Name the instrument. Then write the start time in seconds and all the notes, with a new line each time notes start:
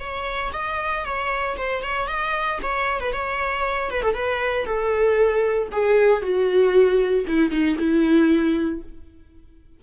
viola
0.00 C#5
0.53 D#5
1.05 C#5
1.57 C5
1.82 C#5
2.07 D#5
2.63 C#5
3.00 B4
3.13 C#5
3.90 B4
4.02 A4
4.14 B4
4.65 A4
5.72 G#4
6.22 F#4
7.27 E4
7.51 D#4
7.78 E4